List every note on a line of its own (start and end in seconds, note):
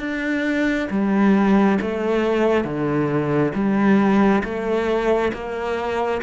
0.00 0.88 D4
0.90 1.78 G3
1.81 2.64 A3
2.64 3.53 D3
3.55 4.43 G3
4.44 5.32 A3
5.33 6.21 A#3